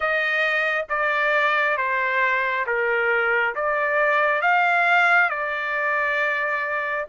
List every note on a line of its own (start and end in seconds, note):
0.00 0.85 D#5
0.89 1.77 D5
1.77 2.65 C5
2.66 3.55 A#4
3.55 4.41 D5
4.41 5.29 F5
5.29 7.05 D5